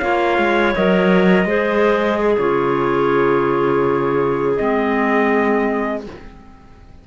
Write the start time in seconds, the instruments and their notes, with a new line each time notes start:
0.00 cello A#3, clarinet F4 C#5, trumpet F5
0.38 cello G#3
0.76 cello F#3, clarinet A#4, trumpet D#5
1.46 cello G#3, clarinet G#4 C5
2.20 clarinet G#4
2.39 cello C#3, clarinet F4, trumpet C#5
4.57 cello G#3, clarinet C4, trumpet D#5